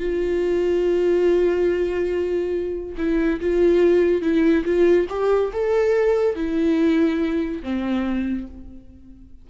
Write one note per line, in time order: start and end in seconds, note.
0.00 2.96 F4
2.98 3.40 E4
3.41 4.22 F4
4.22 4.64 E4
4.65 5.07 F4
5.10 5.52 G4
5.53 6.35 A4
6.35 7.62 E4
7.63 8.48 C4